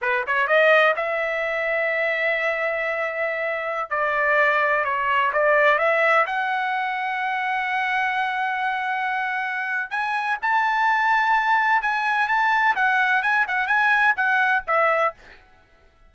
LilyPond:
\new Staff \with { instrumentName = "trumpet" } { \time 4/4 \tempo 4 = 127 b'8 cis''8 dis''4 e''2~ | e''1~ | e''16 d''2 cis''4 d''8.~ | d''16 e''4 fis''2~ fis''8.~ |
fis''1~ | fis''4 gis''4 a''2~ | a''4 gis''4 a''4 fis''4 | gis''8 fis''8 gis''4 fis''4 e''4 | }